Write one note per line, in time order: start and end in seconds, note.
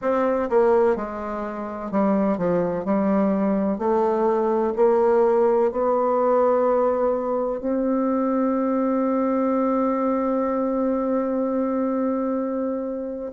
0.01 0.49 C4
0.49 0.95 A#3
0.95 1.90 G#3
1.90 2.37 G3
2.37 2.84 F3
2.84 3.78 G3
3.78 4.73 A3
4.76 5.71 A#3
5.71 7.60 B3
7.60 13.31 C4